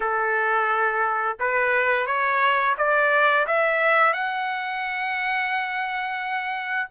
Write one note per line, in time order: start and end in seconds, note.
0.00 1.37 A4
1.39 2.06 B4
2.06 2.75 C#5
2.77 3.46 D5
3.46 4.13 E5
4.13 6.88 F#5